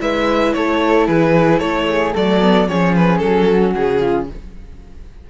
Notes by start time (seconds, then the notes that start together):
0.00 G#3 E4 B4 E5
0.53 A3 A4 C#5
1.07 E3 G#4 B4
1.59 A3 A4 C#5
1.89 G#4
2.14 F#3 A3 A4 D5
2.41 B3
2.68 F3 C#4 G#4 C#5
2.96 B4
3.18 F#3 A4
3.51 F#4
3.76 C#3 G#4
4.00 F4